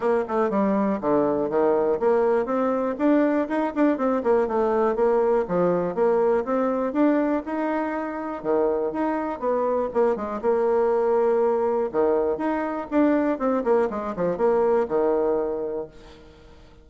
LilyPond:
\new Staff \with { instrumentName = "bassoon" } { \time 4/4 \tempo 4 = 121 ais8 a8 g4 d4 dis4 | ais4 c'4 d'4 dis'8 d'8 | c'8 ais8 a4 ais4 f4 | ais4 c'4 d'4 dis'4~ |
dis'4 dis4 dis'4 b4 | ais8 gis8 ais2. | dis4 dis'4 d'4 c'8 ais8 | gis8 f8 ais4 dis2 | }